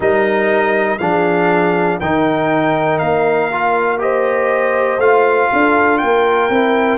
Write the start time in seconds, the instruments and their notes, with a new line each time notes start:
0.00 tuba G3, trombone D#4, horn A#4, trumpet D#5
0.98 tuba F3, trombone D4, horn G#4, trumpet F5
2.00 tuba D#3, trombone D#4, horn A#4, trumpet G5
2.99 tuba A#3, trumpet F5
3.52 trombone F4
3.99 trombone G4, horn C5, trumpet D#5
4.98 tuba A3, trombone F4, trumpet F5
5.52 tuba D4, horn A4
5.98 tuba A#3, horn A#4, trumpet G5
6.49 tuba C4, trombone E4